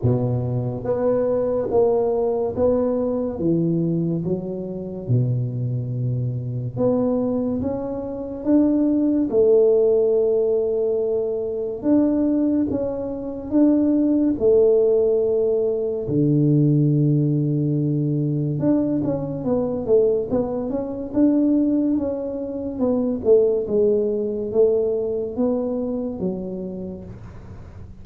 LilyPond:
\new Staff \with { instrumentName = "tuba" } { \time 4/4 \tempo 4 = 71 b,4 b4 ais4 b4 | e4 fis4 b,2 | b4 cis'4 d'4 a4~ | a2 d'4 cis'4 |
d'4 a2 d4~ | d2 d'8 cis'8 b8 a8 | b8 cis'8 d'4 cis'4 b8 a8 | gis4 a4 b4 fis4 | }